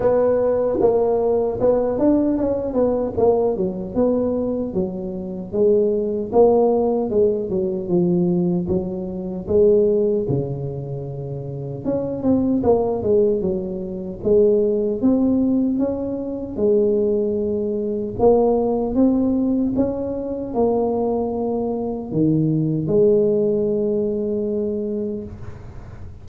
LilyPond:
\new Staff \with { instrumentName = "tuba" } { \time 4/4 \tempo 4 = 76 b4 ais4 b8 d'8 cis'8 b8 | ais8 fis8 b4 fis4 gis4 | ais4 gis8 fis8 f4 fis4 | gis4 cis2 cis'8 c'8 |
ais8 gis8 fis4 gis4 c'4 | cis'4 gis2 ais4 | c'4 cis'4 ais2 | dis4 gis2. | }